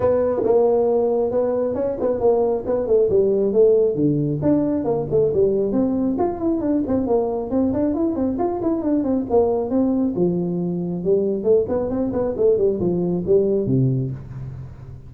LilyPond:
\new Staff \with { instrumentName = "tuba" } { \time 4/4 \tempo 4 = 136 b4 ais2 b4 | cis'8 b8 ais4 b8 a8 g4 | a4 d4 d'4 ais8 a8 | g4 c'4 f'8 e'8 d'8 c'8 |
ais4 c'8 d'8 e'8 c'8 f'8 e'8 | d'8 c'8 ais4 c'4 f4~ | f4 g4 a8 b8 c'8 b8 | a8 g8 f4 g4 c4 | }